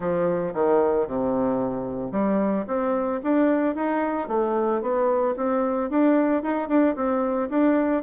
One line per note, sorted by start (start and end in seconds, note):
0.00 0.53 F3
0.54 1.07 D#3
1.07 2.11 C3
2.11 2.65 G3
2.67 3.20 C4
3.23 3.75 D4
3.75 4.28 D#4
4.28 4.81 A3
4.81 5.35 B3
5.36 5.90 C4
5.90 6.43 D4
6.43 6.68 D#4
6.68 6.95 D4
6.95 7.49 C4
7.49 8.03 D4